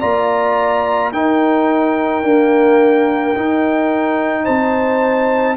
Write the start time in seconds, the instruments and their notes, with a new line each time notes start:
0.00 tuba A#3, trombone F4, horn D5, trumpet A#5
1.12 tuba D#4, trombone D#4, horn A#4, trumpet G5
2.23 trombone A#3, tuba D4
3.35 trombone D#4, tuba D#4
4.44 tuba C4, horn C5, trumpet A5